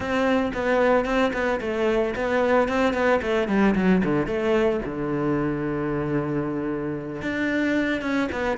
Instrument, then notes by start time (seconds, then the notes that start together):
cello
0.00 C4
0.53 B3
1.05 C4
1.33 B3
1.60 A3
2.15 B3
2.68 C4
2.93 B3
3.21 A3
3.47 G3
3.75 F#3
4.04 D3
4.26 A3
4.85 D3
7.22 D4
8.01 C#4
8.32 B3